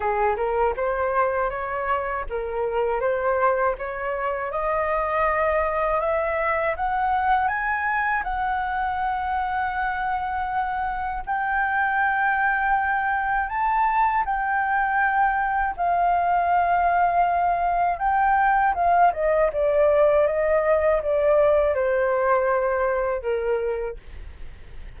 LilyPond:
\new Staff \with { instrumentName = "flute" } { \time 4/4 \tempo 4 = 80 gis'8 ais'8 c''4 cis''4 ais'4 | c''4 cis''4 dis''2 | e''4 fis''4 gis''4 fis''4~ | fis''2. g''4~ |
g''2 a''4 g''4~ | g''4 f''2. | g''4 f''8 dis''8 d''4 dis''4 | d''4 c''2 ais'4 | }